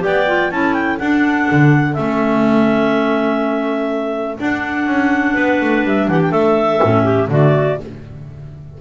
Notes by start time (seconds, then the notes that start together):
0.00 B3 G4 D5 G5
0.27 F4
0.51 C#4 E4 A4 A5
0.73 G5
0.99 D4 F#5
1.52 D3
1.94 A3 C#4 E5
4.38 D4 F#5
4.87 C#4
5.34 B3 B4
5.61 A3
5.84 G3 E5
6.08 E3 G4 F#5
6.21 G5
6.31 A3 A4 E5
6.80 A2 C#4
7.04 G4
7.28 D3 A3 F#4 D5